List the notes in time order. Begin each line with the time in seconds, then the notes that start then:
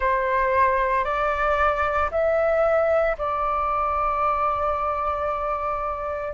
0.00 C5
1.04 D5
2.11 E5
3.18 D5